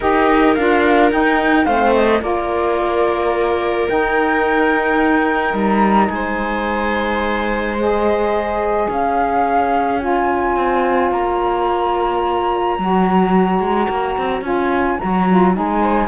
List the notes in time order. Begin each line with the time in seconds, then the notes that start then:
0.00 D#4 G4 A#4 D#5
0.54 D4 F4 F5
1.10 D#4 G5
1.65 A3 C4 C5 F5
1.94 D#5
2.20 A#3 F4 A#4 D5
3.87 D#4 G5
5.53 G3 A#5
6.09 G#3 C5 G#5
7.78 G#4 D#5
8.86 C#4 C#5 F5
9.99 F4 G#5
10.56 C4
11.11 A#3 A#5
12.78 F#3 F#4
13.59 G#3
13.89 A#3
14.17 C4
14.41 C#4 F4 G#5
14.99 F#3 F#4 A#5
15.29 F4
15.53 G#3 D#4 G#5
15.81 C5